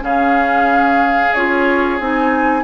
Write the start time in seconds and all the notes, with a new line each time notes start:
0.00 C#3 C#4 G#4 F5
1.33 C#4 F4 C#5
1.99 C4 D#4 G#5